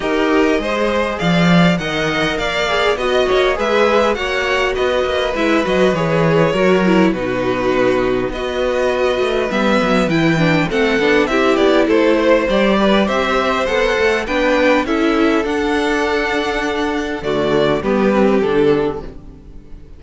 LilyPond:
<<
  \new Staff \with { instrumentName = "violin" } { \time 4/4 \tempo 4 = 101 dis''2 f''4 fis''4 | f''4 dis''4 e''4 fis''4 | dis''4 e''8 dis''8 cis''2 | b'2 dis''2 |
e''4 g''4 fis''4 e''8 d''8 | c''4 d''4 e''4 fis''4 | g''4 e''4 fis''2~ | fis''4 d''4 b'4 a'4 | }
  \new Staff \with { instrumentName = "violin" } { \time 4/4 ais'4 c''4 d''4 dis''4 | d''4 dis''8 cis''8 b'4 cis''4 | b'2. ais'4 | fis'2 b'2~ |
b'2 a'4 g'4 | a'8 c''4 b'8 c''2 | b'4 a'2.~ | a'4 fis'4 g'2 | }
  \new Staff \with { instrumentName = "viola" } { \time 4/4 g'4 gis'2 ais'4~ | ais'8 gis'8 fis'4 gis'4 fis'4~ | fis'4 e'8 fis'8 gis'4 fis'8 e'8 | dis'2 fis'2 |
b4 e'8 d'8 c'8 d'8 e'4~ | e'4 g'2 a'4 | d'4 e'4 d'2~ | d'4 a4 b8 c'8 d'4 | }
  \new Staff \with { instrumentName = "cello" } { \time 4/4 dis'4 gis4 f4 dis4 | ais4 b8 ais8 gis4 ais4 | b8 ais8 gis8 fis8 e4 fis4 | b,2 b4. a8 |
g8 fis8 e4 a8 b8 c'8 b8 | a4 g4 c'4 b8 a8 | b4 cis'4 d'2~ | d'4 d4 g4 d4 | }
>>